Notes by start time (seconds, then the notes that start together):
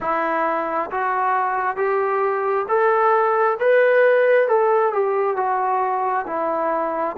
0.00 E4
0.90 F#4
1.76 G4
2.68 A4
3.59 B4
4.48 A4
4.93 G4
5.36 F#4
6.26 E4